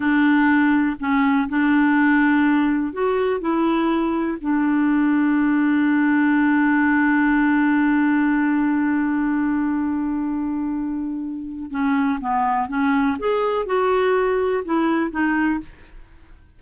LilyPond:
\new Staff \with { instrumentName = "clarinet" } { \time 4/4 \tempo 4 = 123 d'2 cis'4 d'4~ | d'2 fis'4 e'4~ | e'4 d'2.~ | d'1~ |
d'1~ | d'1 | cis'4 b4 cis'4 gis'4 | fis'2 e'4 dis'4 | }